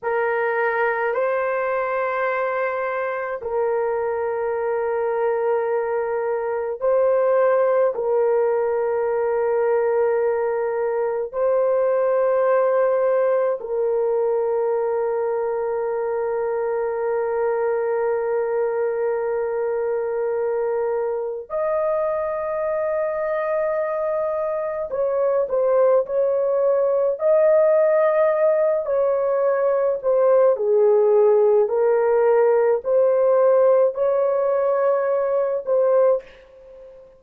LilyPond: \new Staff \with { instrumentName = "horn" } { \time 4/4 \tempo 4 = 53 ais'4 c''2 ais'4~ | ais'2 c''4 ais'4~ | ais'2 c''2 | ais'1~ |
ais'2. dis''4~ | dis''2 cis''8 c''8 cis''4 | dis''4. cis''4 c''8 gis'4 | ais'4 c''4 cis''4. c''8 | }